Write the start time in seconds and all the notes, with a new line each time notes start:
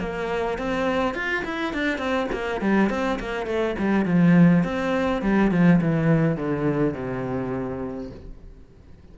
0.00 A#3
0.59 C4
1.15 F4
1.45 E4
1.73 D4
1.98 C4
2.32 A#3
2.61 G3
2.90 C4
3.20 A#3
3.46 A3
3.79 G3
4.06 F3
4.64 C4
5.22 G3
5.51 F3
5.81 E3
6.37 D3
6.94 C3